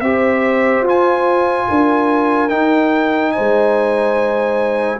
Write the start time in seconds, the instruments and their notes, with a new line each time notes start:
0.00 tuba C4, trombone G4, horn C5, trumpet E5
0.81 tuba F4, trombone F4
0.88 trumpet G#5
1.67 tuba D4, horn A#4
2.49 trombone D#4, tuba D#4, trumpet G5
3.32 horn C5, trumpet G#5
3.38 tuba G#3